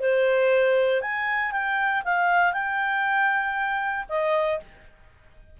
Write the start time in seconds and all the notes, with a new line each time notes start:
0.00 C5
1.01 G#5
1.52 G5
2.05 F5
2.53 G5
4.09 D#5